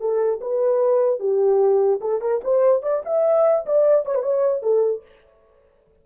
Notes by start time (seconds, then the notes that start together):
0.00 A4
0.41 B4
1.20 G4
2.01 A4
2.21 A#4
2.44 C5
2.83 D5
3.05 E5
3.66 D5
4.06 C#5
4.15 B4
4.23 C#5
4.63 A4